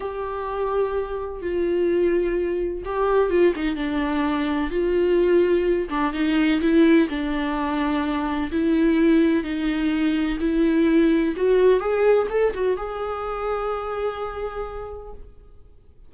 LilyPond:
\new Staff \with { instrumentName = "viola" } { \time 4/4 \tempo 4 = 127 g'2. f'4~ | f'2 g'4 f'8 dis'8 | d'2 f'2~ | f'8 d'8 dis'4 e'4 d'4~ |
d'2 e'2 | dis'2 e'2 | fis'4 gis'4 a'8 fis'8 gis'4~ | gis'1 | }